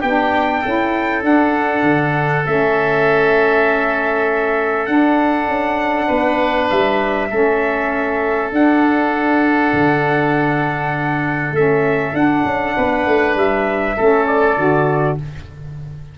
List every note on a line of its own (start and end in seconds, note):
0.00 0.64 B3
0.00 0.61 G4
0.00 1.23 G5
0.06 0.66 D4
0.62 1.24 C#4
0.62 1.22 E4
0.62 6.07 A4
1.22 2.43 D4
1.22 1.83 D4
1.22 2.46 F#5
1.83 2.44 D3
2.46 4.88 A3
2.46 4.87 C#4
2.46 4.86 E5
4.86 7.29 D4
4.86 5.48 D4
4.86 6.68 F#5
5.48 6.09 C#4
6.08 6.71 B3
6.08 7.29 B4
6.70 7.31 G3
6.70 8.52 E5
7.30 8.52 A3
7.30 8.51 C#4
7.30 12.76 A4
8.52 9.73 D4
8.52 11.55 D4
8.52 11.55 F#5
9.74 11.52 D3
11.52 12.13 A3
11.52 12.14 C#4
11.52 12.16 E5
12.14 12.44 D4
12.14 13.96 D4
12.14 13.37 F#5
12.45 12.75 C#4
12.77 13.07 B3
12.77 13.97 B4
13.07 13.36 A3
13.36 13.96 G3
13.36 14.27 E5
13.97 14.58 A3
13.97 14.57 C#4
13.97 15.18 A4
14.27 15.18 D5
14.57 15.18 D3
14.57 15.18 F#4